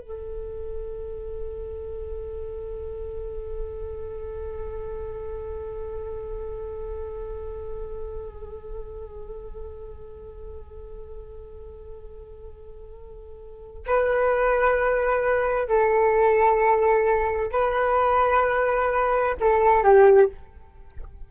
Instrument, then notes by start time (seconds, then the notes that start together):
flute
0.00 A4
13.87 B4
15.68 A4
17.52 B4
19.40 A4
19.83 G4